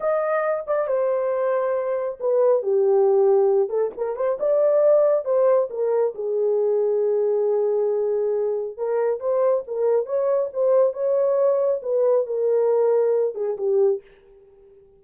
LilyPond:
\new Staff \with { instrumentName = "horn" } { \time 4/4 \tempo 4 = 137 dis''4. d''8 c''2~ | c''4 b'4 g'2~ | g'8 a'8 ais'8 c''8 d''2 | c''4 ais'4 gis'2~ |
gis'1 | ais'4 c''4 ais'4 cis''4 | c''4 cis''2 b'4 | ais'2~ ais'8 gis'8 g'4 | }